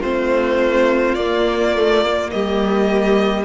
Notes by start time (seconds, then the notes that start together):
0.00 A3 C4 F4 C5
1.15 A#3 D5
1.76 A3
2.05 A#3
2.31 G3 G4 D#5